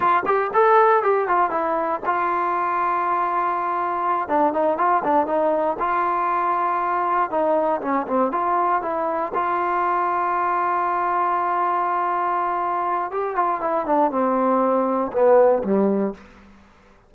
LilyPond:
\new Staff \with { instrumentName = "trombone" } { \time 4/4 \tempo 4 = 119 f'8 g'8 a'4 g'8 f'8 e'4 | f'1~ | f'8 d'8 dis'8 f'8 d'8 dis'4 f'8~ | f'2~ f'8 dis'4 cis'8 |
c'8 f'4 e'4 f'4.~ | f'1~ | f'2 g'8 f'8 e'8 d'8 | c'2 b4 g4 | }